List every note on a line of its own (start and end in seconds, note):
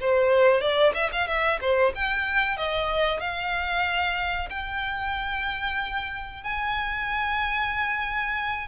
0.00 0.60 C5
0.60 0.93 D5
0.94 1.10 E5
1.12 1.27 F5
1.27 1.59 E5
1.61 1.93 C5
1.95 2.57 G5
2.57 3.20 D#5
3.20 4.49 F5
4.50 6.43 G5
6.43 8.67 G#5